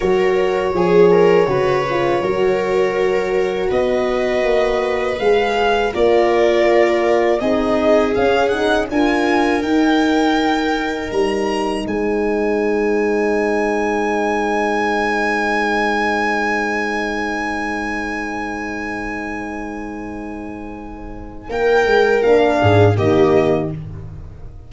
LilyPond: <<
  \new Staff \with { instrumentName = "violin" } { \time 4/4 \tempo 4 = 81 cis''1~ | cis''4 dis''2 f''4 | d''2 dis''4 f''8 fis''8 | gis''4 g''2 ais''4 |
gis''1~ | gis''1~ | gis''1~ | gis''4 g''4 f''4 dis''4 | }
  \new Staff \with { instrumentName = "viola" } { \time 4/4 ais'4 gis'8 ais'8 b'4 ais'4~ | ais'4 b'2. | ais'2 gis'2 | ais'1 |
c''1~ | c''1~ | c''1~ | c''4 ais'4. gis'8 g'4 | }
  \new Staff \with { instrumentName = "horn" } { \time 4/4 fis'4 gis'4 fis'8 f'8 fis'4~ | fis'2. gis'4 | f'2 dis'4 cis'8 dis'8 | f'4 dis'2.~ |
dis'1~ | dis'1~ | dis'1~ | dis'2 d'4 ais4 | }
  \new Staff \with { instrumentName = "tuba" } { \time 4/4 fis4 f4 cis4 fis4~ | fis4 b4 ais4 gis4 | ais2 c'4 cis'4 | d'4 dis'2 g4 |
gis1~ | gis1~ | gis1~ | gis4 ais8 gis8 ais8 gis,8 dis4 | }
>>